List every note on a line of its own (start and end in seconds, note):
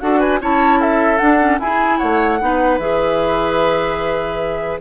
0.00 0.40 D4
0.00 0.41 F#4
0.00 0.20 A4
0.00 0.20 F#5
0.20 0.40 B4
0.20 0.40 G#5
0.40 1.20 C#4
0.40 1.19 E4
0.40 0.80 C#5
0.40 0.81 A5
0.80 1.60 A4
0.80 1.18 E5
1.18 1.39 D4
1.18 1.59 D4
1.18 1.58 F#5
1.40 1.60 C#4
1.59 1.99 E4
1.59 2.40 E4
1.59 1.99 G#4
1.59 1.98 G#5
1.98 2.41 A3
1.98 2.39 C#5
1.98 2.78 F#5
2.40 2.79 B3
2.40 2.80 D#4
2.40 4.81 B4
2.79 4.79 E3
2.79 4.81 G#4
2.79 4.79 E5